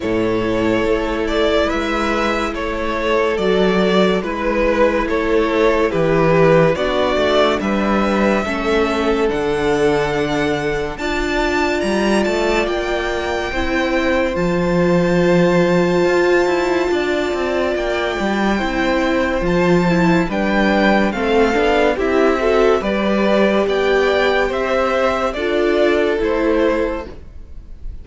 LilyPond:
<<
  \new Staff \with { instrumentName = "violin" } { \time 4/4 \tempo 4 = 71 cis''4. d''8 e''4 cis''4 | d''4 b'4 cis''4 b'4 | d''4 e''2 fis''4~ | fis''4 a''4 ais''8 a''8 g''4~ |
g''4 a''2.~ | a''4 g''2 a''4 | g''4 f''4 e''4 d''4 | g''4 e''4 d''4 c''4 | }
  \new Staff \with { instrumentName = "violin" } { \time 4/4 a'2 b'4 a'4~ | a'4 b'4 a'4 g'4 | fis'4 b'4 a'2~ | a'4 d''2. |
c''1 | d''2 c''2 | b'4 a'4 g'8 a'8 b'4 | d''4 c''4 a'2 | }
  \new Staff \with { instrumentName = "viola" } { \time 4/4 e'1 | fis'4 e'2. | d'2 cis'4 d'4~ | d'4 f'2. |
e'4 f'2.~ | f'2 e'4 f'8 e'8 | d'4 c'8 d'8 e'8 fis'8 g'4~ | g'2 f'4 e'4 | }
  \new Staff \with { instrumentName = "cello" } { \time 4/4 a,4 a4 gis4 a4 | fis4 gis4 a4 e4 | b8 a8 g4 a4 d4~ | d4 d'4 g8 a8 ais4 |
c'4 f2 f'8 e'8 | d'8 c'8 ais8 g8 c'4 f4 | g4 a8 b8 c'4 g4 | b4 c'4 d'4 a4 | }
>>